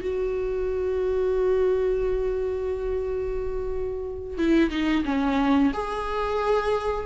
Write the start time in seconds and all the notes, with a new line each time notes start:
0.00 F#4
4.37 E4
4.70 D#4
5.04 C#4
5.73 G#4